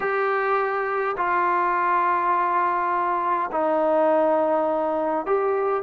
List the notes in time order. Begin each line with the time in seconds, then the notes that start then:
0.00 G4
1.17 F4
3.51 D#4
5.26 G4